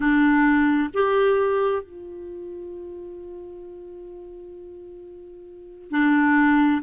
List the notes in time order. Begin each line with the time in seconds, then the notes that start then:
0.00 D4
0.93 G4
1.82 F4
5.90 D4